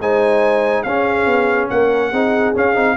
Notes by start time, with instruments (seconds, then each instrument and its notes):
0.00 tuba G#3, trombone D#4, horn C5, trumpet G#5
0.83 tuba C#4, trombone C#4, horn G#4, trumpet F5
1.27 tuba B3
1.70 tuba A#3, horn A#4, trumpet F#5
2.11 tuba C4, trombone D#4, horn G#4
2.55 trombone C#4, tuba C#4, trumpet F5
2.75 tuba C4, trombone D#4